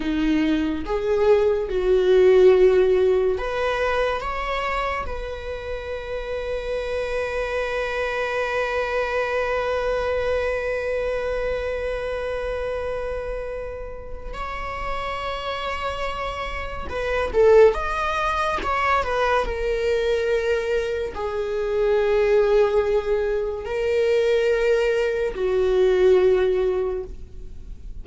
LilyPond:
\new Staff \with { instrumentName = "viola" } { \time 4/4 \tempo 4 = 71 dis'4 gis'4 fis'2 | b'4 cis''4 b'2~ | b'1~ | b'1~ |
b'4 cis''2. | b'8 a'8 dis''4 cis''8 b'8 ais'4~ | ais'4 gis'2. | ais'2 fis'2 | }